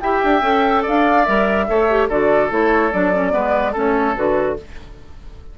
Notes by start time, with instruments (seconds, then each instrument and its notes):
0.00 bassoon E4, clarinet G4, oboe E5, flute G5
0.23 bassoon D4
0.41 bassoon C#4, clarinet A4
0.82 bassoon D4, oboe D5, flute F5
1.24 bassoon G3, clarinet A#4, flute E5
1.68 bassoon A3, clarinet A4, oboe C#5
1.89 clarinet G4
2.08 bassoon D3, clarinet F#4, oboe A4, flute D5
2.49 bassoon A3, clarinet E4, flute C#5
2.92 bassoon F#3, clarinet D4, flute D5
3.13 clarinet C#4
3.30 bassoon G#3, clarinet B3, oboe B4
3.72 bassoon A3, clarinet C#4, oboe A4
3.78 flute C#5
4.15 bassoon D3, clarinet F#4, flute B4